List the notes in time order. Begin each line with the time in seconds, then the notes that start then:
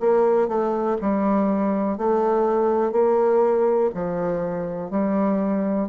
0.00 A#3
0.48 A3
1.01 G3
1.98 A3
2.92 A#3
3.95 F3
4.90 G3